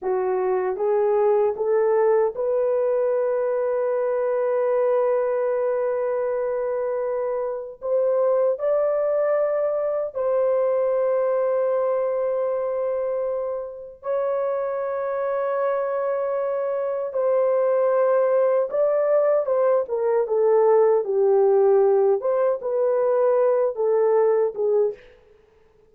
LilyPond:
\new Staff \with { instrumentName = "horn" } { \time 4/4 \tempo 4 = 77 fis'4 gis'4 a'4 b'4~ | b'1~ | b'2 c''4 d''4~ | d''4 c''2.~ |
c''2 cis''2~ | cis''2 c''2 | d''4 c''8 ais'8 a'4 g'4~ | g'8 c''8 b'4. a'4 gis'8 | }